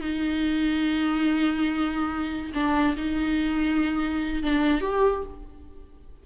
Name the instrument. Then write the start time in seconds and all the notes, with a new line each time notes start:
viola
0.00 D#4
2.54 D4
2.96 D#4
4.42 D4
4.80 G4